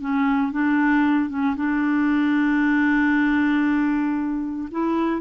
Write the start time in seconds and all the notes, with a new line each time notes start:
0.00 C#4
0.52 D4
1.29 C#4
1.56 D4
4.71 E4